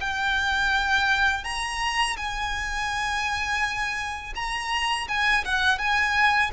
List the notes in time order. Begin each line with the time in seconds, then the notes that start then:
0.00 G5
1.44 A#5
2.16 G#5
4.35 A#5
5.08 G#5
5.44 F#5
5.78 G#5